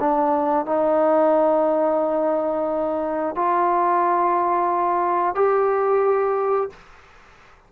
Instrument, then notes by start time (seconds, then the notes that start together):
trombone
0.00 D4
0.66 D#4
3.35 F4
5.35 G4